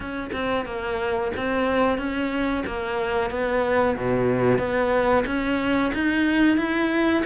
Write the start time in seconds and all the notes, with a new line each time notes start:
0.00 C#4
0.32 C4
0.65 A#3
1.36 C4
1.98 C#4
2.66 A#3
3.30 B3
3.97 B2
4.58 B3
5.26 C#4
5.93 D#4
6.57 E4